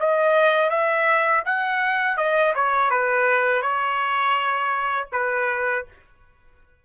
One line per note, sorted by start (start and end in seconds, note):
0.00 0.70 D#5
0.70 1.43 E5
1.45 2.17 F#5
2.17 2.54 D#5
2.55 2.91 C#5
2.91 3.62 B4
3.62 5.09 C#5
5.12 5.85 B4